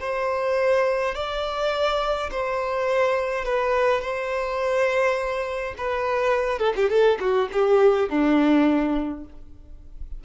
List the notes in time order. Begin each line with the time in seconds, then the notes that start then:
0.00 C5
1.15 D5
2.31 C5
3.45 B4
4.01 C5
5.77 B4
6.59 A4
6.76 G4
6.89 A4
7.20 F#4
7.52 G4
8.09 D4